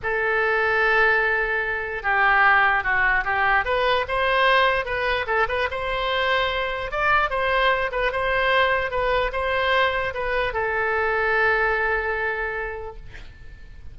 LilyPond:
\new Staff \with { instrumentName = "oboe" } { \time 4/4 \tempo 4 = 148 a'1~ | a'4 g'2 fis'4 | g'4 b'4 c''2 | b'4 a'8 b'8 c''2~ |
c''4 d''4 c''4. b'8 | c''2 b'4 c''4~ | c''4 b'4 a'2~ | a'1 | }